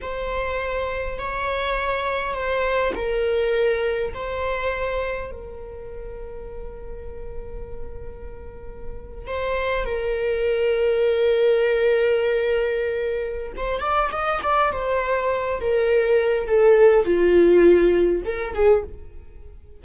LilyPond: \new Staff \with { instrumentName = "viola" } { \time 4/4 \tempo 4 = 102 c''2 cis''2 | c''4 ais'2 c''4~ | c''4 ais'2.~ | ais'2.~ ais'8. c''16~ |
c''8. ais'2.~ ais'16~ | ais'2. c''8 d''8 | dis''8 d''8 c''4. ais'4. | a'4 f'2 ais'8 gis'8 | }